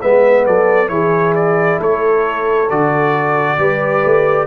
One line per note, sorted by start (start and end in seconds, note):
0.00 0.46 G#3
0.00 0.88 B3
0.00 0.46 B4
0.00 0.46 E5
0.46 0.89 F#3
0.46 0.92 A4
0.46 0.89 D5
0.88 1.79 E3
0.88 2.67 E4
0.88 1.80 G#4
0.88 1.34 C#5
1.35 1.80 D5
1.80 2.71 A3
1.80 3.59 A4
1.80 2.70 C#5
2.70 3.59 D3
2.70 3.58 F#4
2.70 4.47 D5
3.58 4.03 G3
3.58 4.47 G4
3.58 4.47 B4
4.05 4.47 A3